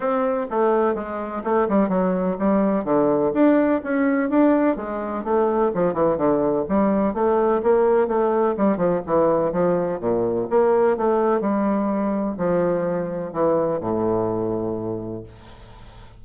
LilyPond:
\new Staff \with { instrumentName = "bassoon" } { \time 4/4 \tempo 4 = 126 c'4 a4 gis4 a8 g8 | fis4 g4 d4 d'4 | cis'4 d'4 gis4 a4 | f8 e8 d4 g4 a4 |
ais4 a4 g8 f8 e4 | f4 ais,4 ais4 a4 | g2 f2 | e4 a,2. | }